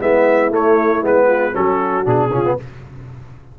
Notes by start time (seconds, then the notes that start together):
0.00 G#3 B3 E4 E5
0.50 A3 C#5
1.02 G#3 B3 B4
1.26 F4
1.53 F#3 C#4 F#4 A4
2.04 B2 D4 G#4
2.30 C#3 C#4 F4
2.45 B3